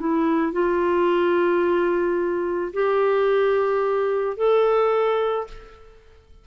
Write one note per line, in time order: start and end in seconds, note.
0.00 0.53 E4
0.53 2.73 F4
2.74 4.37 G4
4.37 5.47 A4